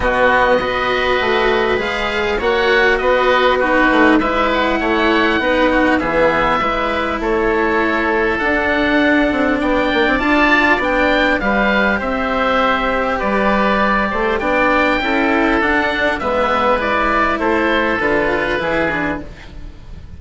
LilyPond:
<<
  \new Staff \with { instrumentName = "oboe" } { \time 4/4 \tempo 4 = 100 dis''2. f''4 | fis''4 dis''4 b'4 e''8 fis''8~ | fis''2 e''2 | cis''2 fis''2 |
g''4 a''4 g''4 f''4 | e''2 d''2 | g''2 fis''4 e''4 | d''4 c''4 b'2 | }
  \new Staff \with { instrumentName = "oboe" } { \time 4/4 fis'4 b'2. | cis''4 b'4 fis'4 b'4 | cis''4 b'8 fis'8 gis'4 b'4 | a'1 |
d''2. b'4 | c''2 b'4. c''8 | d''4 a'2 b'4~ | b'4 a'2 gis'4 | }
  \new Staff \with { instrumentName = "cello" } { \time 4/4 b4 fis'2 gis'4 | fis'2 dis'4 e'4~ | e'4 dis'4 b4 e'4~ | e'2 d'2~ |
d'4 f'4 d'4 g'4~ | g'1 | d'4 e'4 d'4 b4 | e'2 f'4 e'8 d'8 | }
  \new Staff \with { instrumentName = "bassoon" } { \time 4/4 b,4 b4 a4 gis4 | ais4 b4. a8 gis4 | a4 b4 e4 gis4 | a2 d'4. c'8 |
b8 ais16 c'16 d'4 b4 g4 | c'2 g4. a8 | b4 cis'4 d'4 gis4~ | gis4 a4 d4 e4 | }
>>